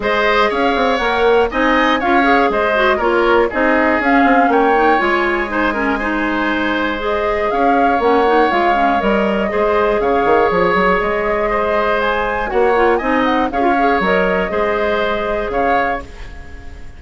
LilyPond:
<<
  \new Staff \with { instrumentName = "flute" } { \time 4/4 \tempo 4 = 120 dis''4 f''4 fis''4 gis''4 | f''4 dis''4 cis''4 dis''4 | f''4 g''4 gis''2~ | gis''2 dis''4 f''4 |
fis''4 f''4 dis''2 | f''4 cis''4 dis''2 | gis''4 fis''4 gis''8 fis''8 f''4 | dis''2. f''4 | }
  \new Staff \with { instrumentName = "oboe" } { \time 4/4 c''4 cis''2 dis''4 | cis''4 c''4 ais'4 gis'4~ | gis'4 cis''2 c''8 ais'8 | c''2. cis''4~ |
cis''2. c''4 | cis''2. c''4~ | c''4 cis''4 dis''4 cis''4~ | cis''4 c''2 cis''4 | }
  \new Staff \with { instrumentName = "clarinet" } { \time 4/4 gis'2 ais'4 dis'4 | f'8 gis'4 fis'8 f'4 dis'4 | cis'4. dis'8 f'4 dis'8 cis'8 | dis'2 gis'2 |
cis'8 dis'8 f'8 cis'8 ais'4 gis'4~ | gis'1~ | gis'4 fis'8 f'8 dis'4 gis'16 f'16 gis'8 | ais'4 gis'2. | }
  \new Staff \with { instrumentName = "bassoon" } { \time 4/4 gis4 cis'8 c'8 ais4 c'4 | cis'4 gis4 ais4 c'4 | cis'8 c'8 ais4 gis2~ | gis2. cis'4 |
ais4 gis4 g4 gis4 | cis8 dis8 f8 fis8 gis2~ | gis4 ais4 c'4 cis'4 | fis4 gis2 cis4 | }
>>